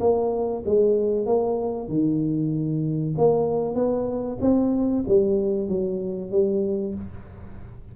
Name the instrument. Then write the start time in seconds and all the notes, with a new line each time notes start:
tuba
0.00 A#3
0.65 G#3
1.26 A#3
1.88 D#3
3.18 A#3
3.75 B3
4.41 C4
5.07 G3
5.68 F#3
6.31 G3